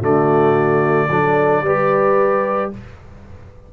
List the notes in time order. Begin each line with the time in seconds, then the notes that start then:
0.00 D3 A3 F#4 D5
1.09 F#3 D4 A4
1.62 G3 G4 B4